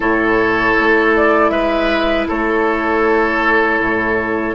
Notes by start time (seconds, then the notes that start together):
0.00 A2 E4 A4 C#5
0.78 A3
1.16 D5
1.49 G#3 B4 E5
2.28 A3 A4 C#5
3.79 A2